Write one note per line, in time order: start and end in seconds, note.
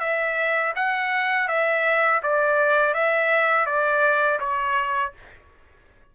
0.00 0.73 E5
0.75 1.48 F#5
1.48 2.21 E5
2.23 2.94 D5
2.94 3.66 E5
3.66 4.39 D5
4.39 5.13 C#5